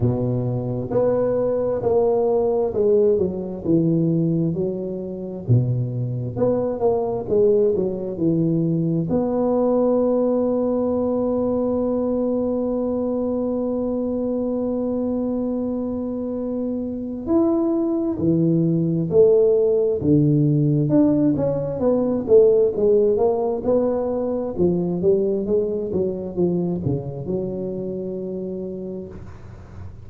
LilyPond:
\new Staff \with { instrumentName = "tuba" } { \time 4/4 \tempo 4 = 66 b,4 b4 ais4 gis8 fis8 | e4 fis4 b,4 b8 ais8 | gis8 fis8 e4 b2~ | b1~ |
b2. e'4 | e4 a4 d4 d'8 cis'8 | b8 a8 gis8 ais8 b4 f8 g8 | gis8 fis8 f8 cis8 fis2 | }